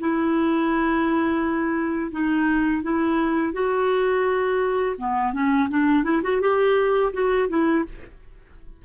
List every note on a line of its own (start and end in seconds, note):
0.00 2.12 E4
2.12 2.82 D#4
2.82 3.53 E4
3.53 4.96 F#4
4.98 5.33 B3
5.33 5.69 C#4
5.69 6.04 D4
6.04 6.22 E4
6.23 6.41 F#4
6.41 7.12 G4
7.13 7.49 F#4
7.49 7.84 E4